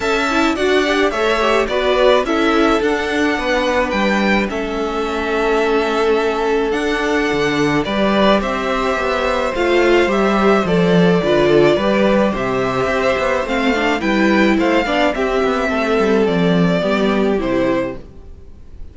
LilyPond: <<
  \new Staff \with { instrumentName = "violin" } { \time 4/4 \tempo 4 = 107 a''4 fis''4 e''4 d''4 | e''4 fis''2 g''4 | e''1 | fis''2 d''4 e''4~ |
e''4 f''4 e''4 d''4~ | d''2 e''2 | f''4 g''4 f''4 e''4~ | e''4 d''2 c''4 | }
  \new Staff \with { instrumentName = "violin" } { \time 4/4 e''4 d''4 cis''4 b'4 | a'2 b'2 | a'1~ | a'2 b'4 c''4~ |
c''1 | b'8 a'8 b'4 c''2~ | c''4 b'4 c''8 d''8 g'4 | a'2 g'2 | }
  \new Staff \with { instrumentName = "viola" } { \time 4/4 a'8 e'8 fis'8 g'8 a'8 g'8 fis'4 | e'4 d'2. | cis'1 | d'2 g'2~ |
g'4 f'4 g'4 a'4 | f'4 g'2. | c'8 d'8 e'4. d'8 c'4~ | c'2 b4 e'4 | }
  \new Staff \with { instrumentName = "cello" } { \time 4/4 cis'4 d'4 a4 b4 | cis'4 d'4 b4 g4 | a1 | d'4 d4 g4 c'4 |
b4 a4 g4 f4 | d4 g4 c4 c'8 b8 | a4 g4 a8 b8 c'8 b8 | a8 g8 f4 g4 c4 | }
>>